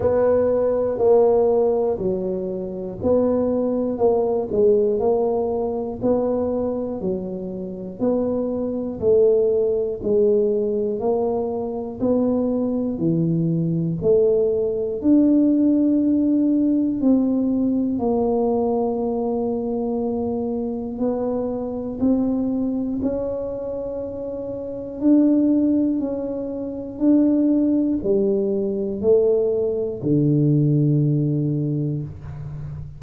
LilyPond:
\new Staff \with { instrumentName = "tuba" } { \time 4/4 \tempo 4 = 60 b4 ais4 fis4 b4 | ais8 gis8 ais4 b4 fis4 | b4 a4 gis4 ais4 | b4 e4 a4 d'4~ |
d'4 c'4 ais2~ | ais4 b4 c'4 cis'4~ | cis'4 d'4 cis'4 d'4 | g4 a4 d2 | }